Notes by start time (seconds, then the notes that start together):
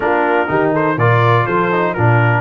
0.00 A#3 D4 F4 A#4
0.47 D#3 D#4 G4
0.72 A4 C5
0.97 A#2 F4 A#4 D5
1.45 F3 A4 C5
1.72 D#4
1.94 A#2 D4 F4 A#4